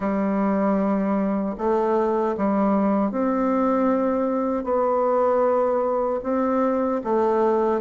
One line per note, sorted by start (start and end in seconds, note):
0.00 1.55 G3
1.58 2.36 A3
2.37 3.11 G3
3.11 4.64 C4
4.64 6.19 B3
6.23 7.01 C4
7.03 7.80 A3